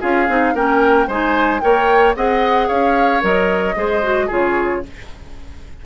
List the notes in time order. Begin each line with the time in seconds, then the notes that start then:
0.00 C#4 F4 G#4 F5
0.28 C4 D#4
0.53 A#3 C#4 A#4 G5
1.07 G#3 D#4 C5 G#5
1.60 A#3 A#4 C#5 G5
2.15 C4 G#4 D#5 F#5
2.68 C#4 C#5 F5
3.21 F#3 A#4 D#5
3.75 G#3 G#4 C5
4.02 F#4
4.26 C#3 F4 G#4 C#5